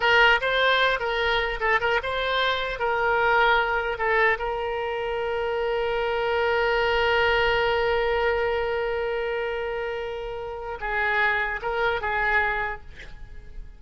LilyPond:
\new Staff \with { instrumentName = "oboe" } { \time 4/4 \tempo 4 = 150 ais'4 c''4. ais'4. | a'8 ais'8 c''2 ais'4~ | ais'2 a'4 ais'4~ | ais'1~ |
ais'1~ | ais'1~ | ais'2. gis'4~ | gis'4 ais'4 gis'2 | }